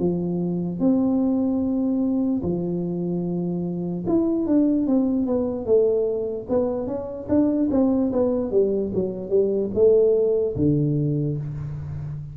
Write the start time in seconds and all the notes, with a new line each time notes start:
0.00 F3
0.80 C4
2.43 F3
4.08 E4
4.47 D4
4.87 C4
5.27 B3
5.66 A3
6.49 B3
6.87 C#4
7.29 D4
7.71 C4
8.13 B3
8.52 G3
8.95 F#3
9.30 G3
9.75 A3
10.57 D3